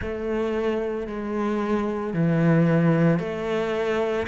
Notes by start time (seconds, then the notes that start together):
0.01 A3
1.07 G#3
2.13 E3
3.19 A3